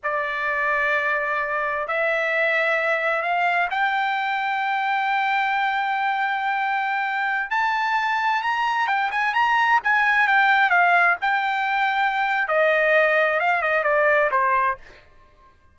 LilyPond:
\new Staff \with { instrumentName = "trumpet" } { \time 4/4 \tempo 4 = 130 d''1 | e''2. f''4 | g''1~ | g''1~ |
g''16 a''2 ais''4 g''8 gis''16~ | gis''16 ais''4 gis''4 g''4 f''8.~ | f''16 g''2~ g''8. dis''4~ | dis''4 f''8 dis''8 d''4 c''4 | }